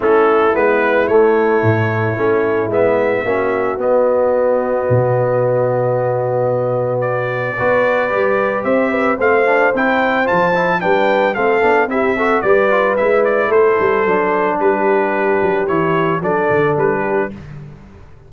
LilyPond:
<<
  \new Staff \with { instrumentName = "trumpet" } { \time 4/4 \tempo 4 = 111 a'4 b'4 cis''2~ | cis''4 e''2 dis''4~ | dis''1~ | dis''4 d''2. |
e''4 f''4 g''4 a''4 | g''4 f''4 e''4 d''4 | e''8 d''8 c''2 b'4~ | b'4 cis''4 d''4 b'4 | }
  \new Staff \with { instrumentName = "horn" } { \time 4/4 e'1~ | e'2 fis'2~ | fis'1~ | fis'2 b'2 |
c''8 b'8 c''2. | b'4 a'4 g'8 a'8 b'4~ | b'4 a'2 g'4~ | g'2 a'4. g'8 | }
  \new Staff \with { instrumentName = "trombone" } { \time 4/4 cis'4 b4 a2 | cis'4 b4 cis'4 b4~ | b1~ | b2 fis'4 g'4~ |
g'4 c'8 d'8 e'4 f'8 e'8 | d'4 c'8 d'8 e'8 fis'8 g'8 f'8 | e'2 d'2~ | d'4 e'4 d'2 | }
  \new Staff \with { instrumentName = "tuba" } { \time 4/4 a4 gis4 a4 a,4 | a4 gis4 ais4 b4~ | b4 b,2.~ | b,2 b4 g4 |
c'4 a4 c'4 f4 | g4 a8 b8 c'4 g4 | gis4 a8 g8 fis4 g4~ | g8 fis8 e4 fis8 d8 g4 | }
>>